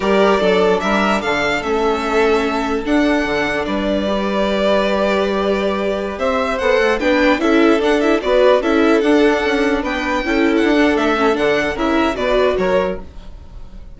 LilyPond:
<<
  \new Staff \with { instrumentName = "violin" } { \time 4/4 \tempo 4 = 148 d''2 e''4 f''4 | e''2. fis''4~ | fis''4 d''2.~ | d''2.~ d''16 e''8.~ |
e''16 fis''4 g''4 e''4 fis''8 e''16~ | e''16 d''4 e''4 fis''4.~ fis''16~ | fis''16 g''4.~ g''16 fis''4 e''4 | fis''4 e''4 d''4 cis''4 | }
  \new Staff \with { instrumentName = "violin" } { \time 4/4 ais'4 a'4 ais'4 a'4~ | a'1~ | a'4 b'2.~ | b'2.~ b'16 c''8.~ |
c''4~ c''16 b'4 a'4.~ a'16~ | a'16 b'4 a'2~ a'8.~ | a'16 b'4 a'2~ a'8.~ | a'4 ais'4 b'4 ais'4 | }
  \new Staff \with { instrumentName = "viola" } { \time 4/4 g'4 d'2. | cis'2. d'4~ | d'2 g'2~ | g'1~ |
g'16 a'4 d'4 e'4 d'8 e'16~ | e'16 fis'4 e'4 d'4.~ d'16~ | d'4~ d'16 e'4~ e'16 d'4 cis'8 | d'4 e'4 fis'2 | }
  \new Staff \with { instrumentName = "bassoon" } { \time 4/4 g4 fis4 g4 d4 | a2. d'4 | d4 g2.~ | g2.~ g16 c'8.~ |
c'16 b8 a8 b4 cis'4 d'8.~ | d'16 b4 cis'4 d'4 cis'8.~ | cis'16 b4 cis'4 d'8. a4 | d4 cis4 b,4 fis4 | }
>>